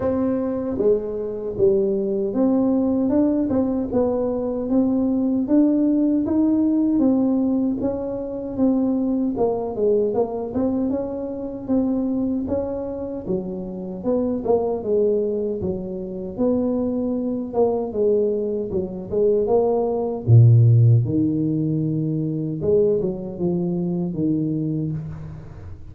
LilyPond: \new Staff \with { instrumentName = "tuba" } { \time 4/4 \tempo 4 = 77 c'4 gis4 g4 c'4 | d'8 c'8 b4 c'4 d'4 | dis'4 c'4 cis'4 c'4 | ais8 gis8 ais8 c'8 cis'4 c'4 |
cis'4 fis4 b8 ais8 gis4 | fis4 b4. ais8 gis4 | fis8 gis8 ais4 ais,4 dis4~ | dis4 gis8 fis8 f4 dis4 | }